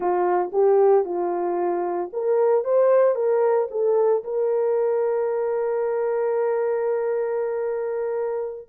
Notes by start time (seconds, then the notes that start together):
0.00 F4
0.52 G4
1.04 F4
2.12 A#4
2.64 C5
3.15 A#4
3.70 A4
4.24 A#4